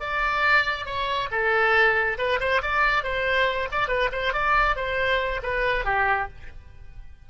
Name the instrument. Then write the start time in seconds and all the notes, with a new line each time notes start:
oboe
0.00 D5
0.85 C#5
1.31 A4
2.18 B4
2.40 C5
2.62 D5
3.04 C5
3.71 D5
3.88 B4
4.12 C5
4.33 D5
4.76 C5
5.42 B4
5.84 G4